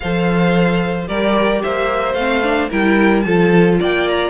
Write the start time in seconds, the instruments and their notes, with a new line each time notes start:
0.00 cello F3, viola A4, violin C5 F5
1.07 cello G3, viola G4, violin A#4 D5
1.63 cello A#3, violin C5 E5
2.14 cello A3, viola C4, violin F5
2.43 viola D4
2.70 cello G3, viola E4, violin A#4 G5
3.20 cello F3, viola F4, violin A4 A5
3.80 cello A#3, violin D5 G5
4.08 violin A#5